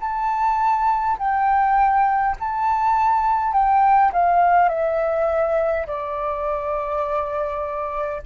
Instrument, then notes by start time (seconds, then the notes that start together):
flute
0.00 A5
1.19 G5
2.40 A5
3.53 G5
4.12 F5
4.69 E5
5.87 D5